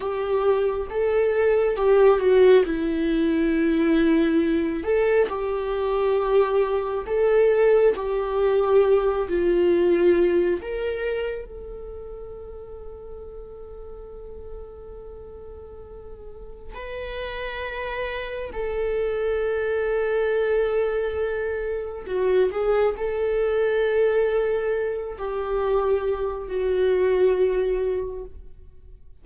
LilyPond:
\new Staff \with { instrumentName = "viola" } { \time 4/4 \tempo 4 = 68 g'4 a'4 g'8 fis'8 e'4~ | e'4. a'8 g'2 | a'4 g'4. f'4. | ais'4 a'2.~ |
a'2. b'4~ | b'4 a'2.~ | a'4 fis'8 gis'8 a'2~ | a'8 g'4. fis'2 | }